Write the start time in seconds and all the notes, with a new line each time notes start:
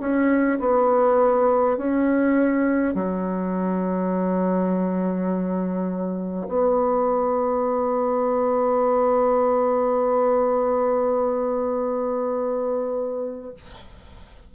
0.00 C#4
0.59 B3
1.77 C#4
2.94 F#3
6.48 B3